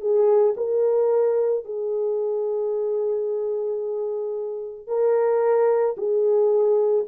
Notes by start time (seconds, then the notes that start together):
0.00 G#4
0.56 A#4
1.64 G#4
4.87 A#4
5.97 G#4